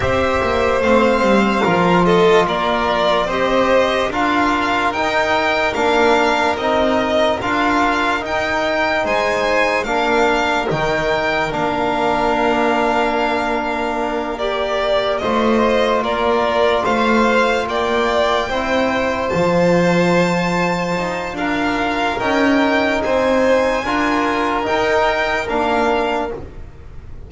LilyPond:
<<
  \new Staff \with { instrumentName = "violin" } { \time 4/4 \tempo 4 = 73 e''4 f''4. dis''8 d''4 | dis''4 f''4 g''4 f''4 | dis''4 f''4 g''4 gis''4 | f''4 g''4 f''2~ |
f''4. d''4 dis''4 d''8~ | d''8 f''4 g''2 a''8~ | a''2 f''4 g''4 | gis''2 g''4 f''4 | }
  \new Staff \with { instrumentName = "violin" } { \time 4/4 c''2 ais'8 a'8 ais'4 | c''4 ais'2.~ | ais'2. c''4 | ais'1~ |
ais'2~ ais'8 c''4 ais'8~ | ais'8 c''4 d''4 c''4.~ | c''2 ais'2 | c''4 ais'2. | }
  \new Staff \with { instrumentName = "trombone" } { \time 4/4 g'4 c'4 f'2 | g'4 f'4 dis'4 d'4 | dis'4 f'4 dis'2 | d'4 dis'4 d'2~ |
d'4. g'4 f'4.~ | f'2~ f'8 e'4 f'8~ | f'2. dis'4~ | dis'4 f'4 dis'4 d'4 | }
  \new Staff \with { instrumentName = "double bass" } { \time 4/4 c'8 ais8 a8 g8 f4 ais4 | c'4 d'4 dis'4 ais4 | c'4 d'4 dis'4 gis4 | ais4 dis4 ais2~ |
ais2~ ais8 a4 ais8~ | ais8 a4 ais4 c'4 f8~ | f4. dis'8 d'4 cis'4 | c'4 d'4 dis'4 ais4 | }
>>